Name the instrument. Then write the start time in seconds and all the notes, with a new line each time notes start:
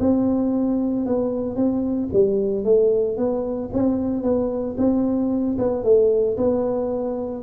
tuba
0.00 C4
1.06 B3
1.56 C4
2.13 G3
2.65 A3
3.17 B3
3.74 C4
4.23 B3
4.78 C4
5.59 B3
5.84 A3
6.37 B3